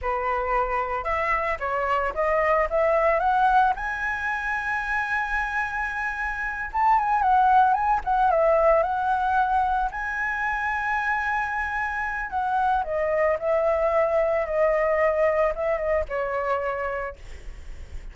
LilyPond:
\new Staff \with { instrumentName = "flute" } { \time 4/4 \tempo 4 = 112 b'2 e''4 cis''4 | dis''4 e''4 fis''4 gis''4~ | gis''1~ | gis''8 a''8 gis''8 fis''4 gis''8 fis''8 e''8~ |
e''8 fis''2 gis''4.~ | gis''2. fis''4 | dis''4 e''2 dis''4~ | dis''4 e''8 dis''8 cis''2 | }